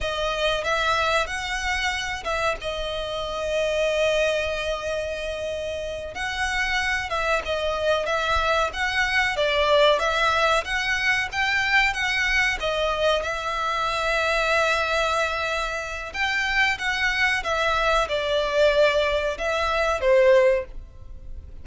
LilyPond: \new Staff \with { instrumentName = "violin" } { \time 4/4 \tempo 4 = 93 dis''4 e''4 fis''4. e''8 | dis''1~ | dis''4. fis''4. e''8 dis''8~ | dis''8 e''4 fis''4 d''4 e''8~ |
e''8 fis''4 g''4 fis''4 dis''8~ | dis''8 e''2.~ e''8~ | e''4 g''4 fis''4 e''4 | d''2 e''4 c''4 | }